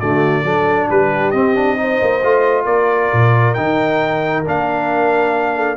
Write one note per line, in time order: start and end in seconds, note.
0.00 0.44 D3
0.00 0.45 A3
0.00 0.44 F#4
0.00 0.89 D5
0.44 0.88 F#3
0.44 1.34 D4
0.44 0.88 A4
0.89 1.33 G3
0.89 1.78 G4
0.89 1.31 B4
1.31 2.00 C4
1.31 1.55 C4
1.31 2.64 D#5
1.55 1.76 D4
1.76 2.21 D#4
1.76 2.65 C5
2.02 2.23 A#3
2.23 2.66 A3
2.23 3.56 F4
2.65 3.11 A#3
2.65 5.54 A#4
2.65 3.54 D5
3.13 3.58 A#2
3.54 4.47 D#3
3.54 4.45 D#4
3.54 4.43 G5
4.45 5.77 A#3
4.45 5.77 D4
4.45 5.77 F5
5.56 5.77 A4